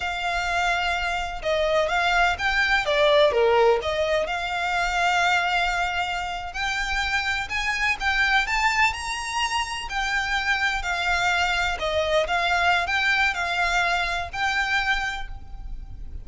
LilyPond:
\new Staff \with { instrumentName = "violin" } { \time 4/4 \tempo 4 = 126 f''2. dis''4 | f''4 g''4 d''4 ais'4 | dis''4 f''2.~ | f''4.~ f''16 g''2 gis''16~ |
gis''8. g''4 a''4 ais''4~ ais''16~ | ais''8. g''2 f''4~ f''16~ | f''8. dis''4 f''4~ f''16 g''4 | f''2 g''2 | }